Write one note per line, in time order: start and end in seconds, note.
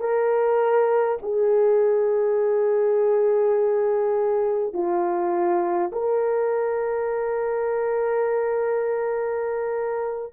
0.00 1.18 A#4
1.22 4.73 G#4
4.73 5.91 F4
5.92 10.33 A#4